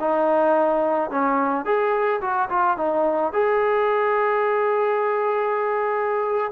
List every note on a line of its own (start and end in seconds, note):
0.00 1.11 D#4
1.11 1.66 C#4
1.66 2.21 G#4
2.22 2.49 F#4
2.50 2.78 F4
2.78 3.33 D#4
3.33 6.53 G#4